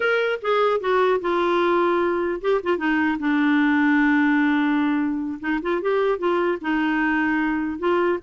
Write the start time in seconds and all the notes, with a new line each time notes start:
0.00 A#4
0.42 G#4
0.80 F#4
1.21 F4
2.41 G4
2.63 F4
2.77 D#4
3.19 D4
5.39 D#4
5.62 F4
5.81 G4
6.18 F4
6.61 D#4
7.78 F4